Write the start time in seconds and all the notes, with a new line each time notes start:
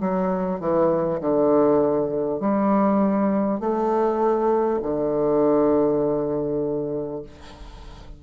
0.00 F#3
0.60 E3
1.21 D3
2.41 G3
3.60 A3
4.83 D3